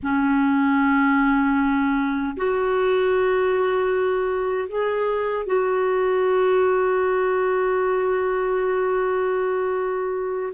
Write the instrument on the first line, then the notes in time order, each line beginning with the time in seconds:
clarinet
0.02 C#4
2.36 F#4
4.68 G#4
5.46 F#4